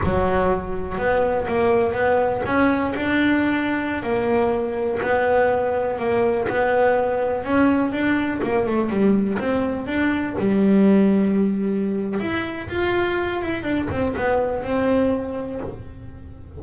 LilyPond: \new Staff \with { instrumentName = "double bass" } { \time 4/4 \tempo 4 = 123 fis2 b4 ais4 | b4 cis'4 d'2~ | d'16 ais2 b4.~ b16~ | b16 ais4 b2 cis'8.~ |
cis'16 d'4 ais8 a8 g4 c'8.~ | c'16 d'4 g2~ g8.~ | g4 e'4 f'4. e'8 | d'8 c'8 b4 c'2 | }